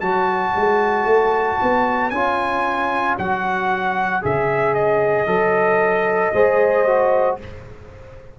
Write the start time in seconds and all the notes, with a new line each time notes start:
0.00 F#3 F#4 C#5 A5
0.56 G#3
1.05 A3
1.62 B3
2.10 C#4 F4 G#5
3.18 F#3 F#4 F#5
4.22 C#3 G#4 E5
4.75 D#5
5.27 F#3 A4
6.34 G#3 G#4 C5
6.87 F#4